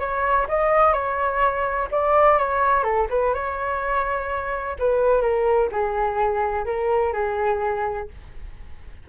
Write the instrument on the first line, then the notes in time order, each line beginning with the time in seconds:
flute
0.00 C#5
0.49 D#5
0.94 C#5
1.92 D5
2.39 C#5
2.84 A4
3.10 B4
3.34 C#5
4.80 B4
5.22 A#4
5.72 G#4
6.66 A#4
7.13 G#4